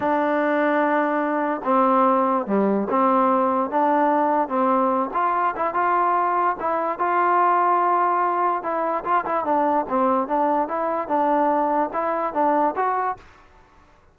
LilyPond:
\new Staff \with { instrumentName = "trombone" } { \time 4/4 \tempo 4 = 146 d'1 | c'2 g4 c'4~ | c'4 d'2 c'4~ | c'8 f'4 e'8 f'2 |
e'4 f'2.~ | f'4 e'4 f'8 e'8 d'4 | c'4 d'4 e'4 d'4~ | d'4 e'4 d'4 fis'4 | }